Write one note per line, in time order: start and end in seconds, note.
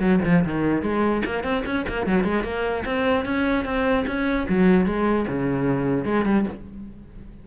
0.00 0.20 F#3
0.25 0.45 F3
0.45 0.82 D#3
0.82 1.22 G#3
1.25 1.44 A#3
1.44 1.64 C4
1.66 1.86 C#4
1.89 2.07 A#3
2.07 2.24 F#3
2.24 2.44 G#3
2.44 2.84 A#3
2.86 3.25 C4
3.25 3.65 C#4
3.65 4.05 C4
4.07 4.47 C#4
4.49 4.86 F#3
4.86 5.26 G#3
5.28 6.05 C#3
6.05 6.25 G#3
6.25 6.46 G3